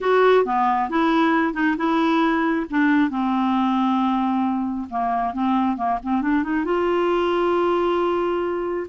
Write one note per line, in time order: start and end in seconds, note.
0.00 0.45 F#4
0.45 0.89 B3
0.89 1.53 E4
1.53 1.76 D#4
1.77 2.66 E4
2.70 3.10 D4
3.10 4.87 C4
4.90 5.33 A#3
5.33 5.76 C4
5.76 5.99 A#3
6.02 6.21 C4
6.21 6.43 D4
6.43 6.64 D#4
6.64 8.87 F4